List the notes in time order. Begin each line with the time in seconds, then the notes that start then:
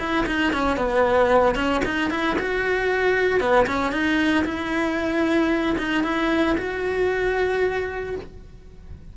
0.00 E4
0.27 D#4
0.53 C#4
0.77 B3
1.56 C#4
1.85 D#4
2.11 E4
2.39 F#4
3.41 B3
3.67 C#4
3.92 D#4
4.45 E4
5.78 D#4
6.04 E4
6.58 F#4